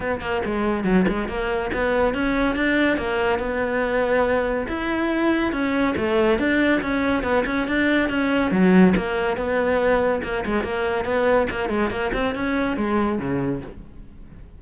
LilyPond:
\new Staff \with { instrumentName = "cello" } { \time 4/4 \tempo 4 = 141 b8 ais8 gis4 fis8 gis8 ais4 | b4 cis'4 d'4 ais4 | b2. e'4~ | e'4 cis'4 a4 d'4 |
cis'4 b8 cis'8 d'4 cis'4 | fis4 ais4 b2 | ais8 gis8 ais4 b4 ais8 gis8 | ais8 c'8 cis'4 gis4 cis4 | }